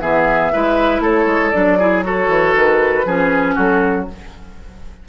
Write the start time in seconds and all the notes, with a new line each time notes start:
0.00 E3 B3 G#4 E5
0.52 G#3 E4 B4
1.00 A3 A4 C#5
1.26 G#3
1.51 F#3 D4 D5
1.79 E4 G#4
2.03 F#4 A4 C#5
2.28 E3
2.56 D#3 B4
3.05 F3 C#4 G#4
3.55 F#3 F#4 A4